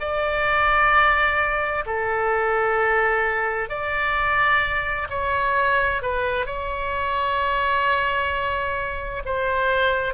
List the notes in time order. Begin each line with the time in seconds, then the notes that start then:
0.00 D5
1.86 A4
3.69 D5
5.09 C#5
6.02 B4
6.46 C#5
9.25 C5